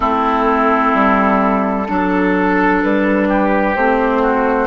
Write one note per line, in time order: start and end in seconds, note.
0.00 0.93 A3
0.00 1.86 C4
0.00 1.87 E4
0.00 2.80 A4
0.94 1.88 G3
1.87 2.82 F#3
1.87 3.74 D4
1.87 3.28 A4
2.82 3.75 G3
2.82 3.75 B4
3.28 4.22 G4
3.75 4.67 A3
3.75 4.67 C4
3.75 4.67 C5
4.22 4.67 F#4